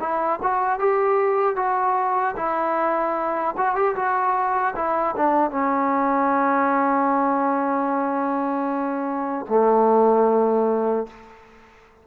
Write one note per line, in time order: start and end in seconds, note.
0.00 0.39 E4
0.42 0.80 F#4
0.80 1.56 G4
1.56 2.35 F#4
2.36 3.55 E4
3.57 3.76 F#4
3.76 3.95 G4
3.96 4.75 F#4
4.76 5.15 E4
5.16 5.51 D4
5.51 9.46 C#4
9.49 11.07 A3